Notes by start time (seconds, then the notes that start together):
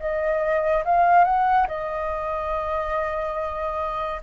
0.00 D#5
0.85 F5
1.25 F#5
1.68 D#5